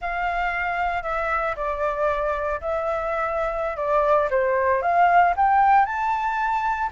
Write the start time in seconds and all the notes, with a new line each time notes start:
0.01 F5
1.02 E5
1.56 D5
2.60 E5
3.76 D5
4.30 C5
4.81 F5
5.36 G5
5.85 A5